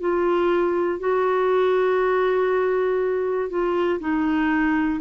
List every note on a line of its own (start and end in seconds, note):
0.00 1.00 F4
1.00 3.50 F#4
3.50 4.00 F4
4.00 5.00 D#4